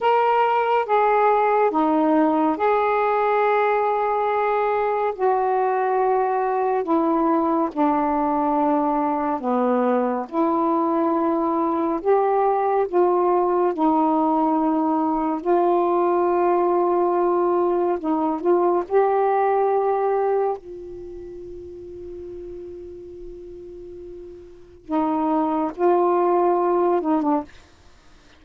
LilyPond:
\new Staff \with { instrumentName = "saxophone" } { \time 4/4 \tempo 4 = 70 ais'4 gis'4 dis'4 gis'4~ | gis'2 fis'2 | e'4 d'2 b4 | e'2 g'4 f'4 |
dis'2 f'2~ | f'4 dis'8 f'8 g'2 | f'1~ | f'4 dis'4 f'4. dis'16 d'16 | }